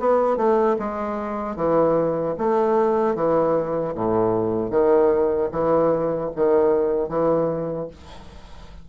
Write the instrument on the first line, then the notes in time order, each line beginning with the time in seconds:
bassoon
0.00 B3
0.37 A3
0.79 G#3
1.56 E3
2.39 A3
3.16 E3
3.95 A2
4.71 D#3
5.52 E3
6.36 D#3
7.09 E3